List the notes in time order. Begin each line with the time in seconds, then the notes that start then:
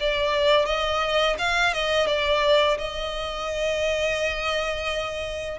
0.00 D5
0.66 D#5
1.39 F5
1.74 D#5
2.07 D5
2.78 D#5